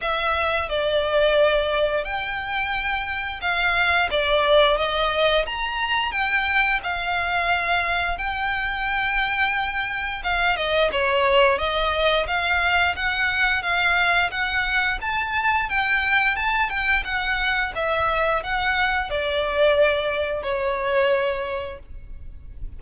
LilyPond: \new Staff \with { instrumentName = "violin" } { \time 4/4 \tempo 4 = 88 e''4 d''2 g''4~ | g''4 f''4 d''4 dis''4 | ais''4 g''4 f''2 | g''2. f''8 dis''8 |
cis''4 dis''4 f''4 fis''4 | f''4 fis''4 a''4 g''4 | a''8 g''8 fis''4 e''4 fis''4 | d''2 cis''2 | }